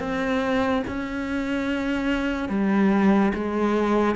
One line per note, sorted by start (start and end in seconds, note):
0.00 0.83 C4
0.88 2.50 C#4
2.50 3.33 G3
3.34 4.16 G#3